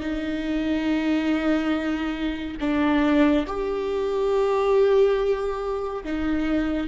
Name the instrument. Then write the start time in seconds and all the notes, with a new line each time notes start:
viola
0.00 D#4
2.60 D4
3.46 G4
6.04 D#4